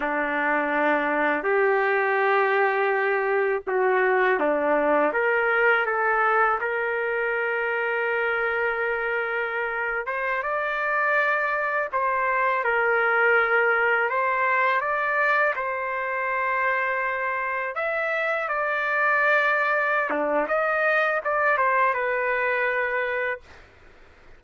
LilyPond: \new Staff \with { instrumentName = "trumpet" } { \time 4/4 \tempo 4 = 82 d'2 g'2~ | g'4 fis'4 d'4 ais'4 | a'4 ais'2.~ | ais'4.~ ais'16 c''8 d''4.~ d''16~ |
d''16 c''4 ais'2 c''8.~ | c''16 d''4 c''2~ c''8.~ | c''16 e''4 d''2~ d''16 d'8 | dis''4 d''8 c''8 b'2 | }